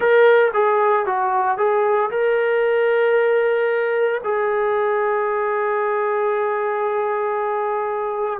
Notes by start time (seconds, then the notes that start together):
0.00 A#4
0.53 G#4
1.06 F#4
1.57 G#4
2.10 A#4
4.23 G#4